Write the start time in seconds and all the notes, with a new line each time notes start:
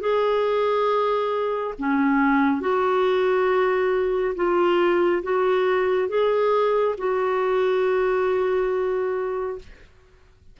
0.00 G#4
1.78 C#4
2.60 F#4
4.35 F4
5.23 F#4
6.08 G#4
6.98 F#4